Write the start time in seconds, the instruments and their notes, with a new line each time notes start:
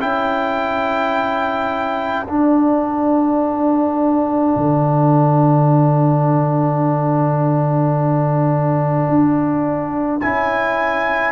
0.00 tuba C#4, trombone E4, horn A4, trumpet G5
2.27 trombone D4, tuba D4, trumpet F#5
4.56 tuba D3
9.08 tuba D4
10.21 tuba C#4, trombone E4, trumpet G#5